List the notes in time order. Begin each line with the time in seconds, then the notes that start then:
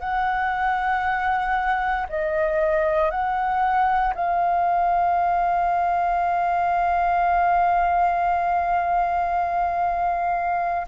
0.00 F#5
2.09 D#5
3.11 F#5
4.15 F5